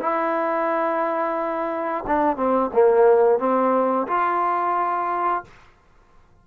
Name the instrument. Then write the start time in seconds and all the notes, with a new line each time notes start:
trombone
0.00 E4
2.07 D4
2.36 C4
2.73 A#3
3.39 C4
4.08 F4